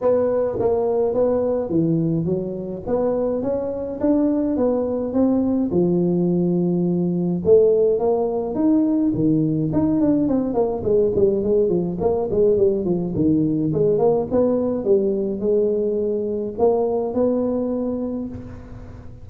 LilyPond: \new Staff \with { instrumentName = "tuba" } { \time 4/4 \tempo 4 = 105 b4 ais4 b4 e4 | fis4 b4 cis'4 d'4 | b4 c'4 f2~ | f4 a4 ais4 dis'4 |
dis4 dis'8 d'8 c'8 ais8 gis8 g8 | gis8 f8 ais8 gis8 g8 f8 dis4 | gis8 ais8 b4 g4 gis4~ | gis4 ais4 b2 | }